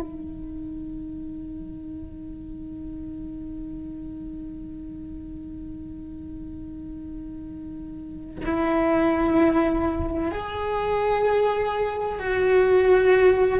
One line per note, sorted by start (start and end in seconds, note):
0.00 8.44 D#4
8.45 10.31 E4
10.31 12.19 G#4
12.19 13.59 F#4